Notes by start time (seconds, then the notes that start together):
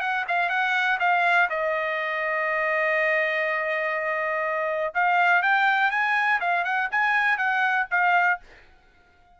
0.00 F#5
0.28 F5
0.49 F#5
0.99 F5
1.49 D#5
4.94 F5
5.42 G5
5.91 G#5
6.40 F5
6.64 F#5
6.91 G#5
7.38 F#5
7.91 F5